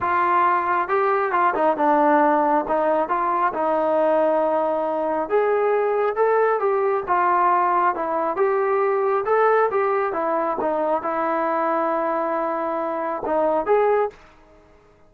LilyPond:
\new Staff \with { instrumentName = "trombone" } { \time 4/4 \tempo 4 = 136 f'2 g'4 f'8 dis'8 | d'2 dis'4 f'4 | dis'1 | gis'2 a'4 g'4 |
f'2 e'4 g'4~ | g'4 a'4 g'4 e'4 | dis'4 e'2.~ | e'2 dis'4 gis'4 | }